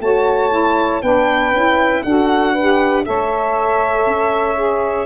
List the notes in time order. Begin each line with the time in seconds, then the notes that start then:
0.00 A3 F#4 C#5 A5
0.50 E4
1.02 B3 D4 B4 G5
1.52 C#4 E4
2.03 D4 F#4 A4 F#5
2.53 B4
2.60 G4
3.05 A3 A4 C#5 E5
4.07 C#4
4.56 G#4